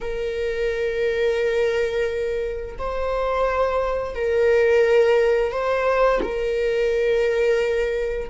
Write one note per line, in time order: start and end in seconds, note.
0.01 2.76 A#4
2.78 4.14 C5
4.14 5.52 A#4
5.52 6.21 C5
6.22 8.29 A#4